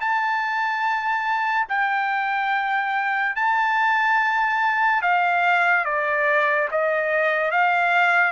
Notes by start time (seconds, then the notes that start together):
0.00 A5
1.69 G5
3.35 A5
5.02 F5
5.85 D5
6.71 D#5
7.51 F5